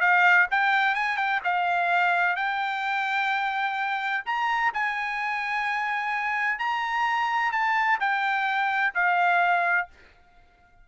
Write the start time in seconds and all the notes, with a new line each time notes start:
0.00 F5
0.51 G5
0.95 G#5
1.17 G5
1.44 F5
2.36 G5
4.25 A#5
4.73 G#5
6.59 A#5
7.52 A5
8.00 G5
8.94 F5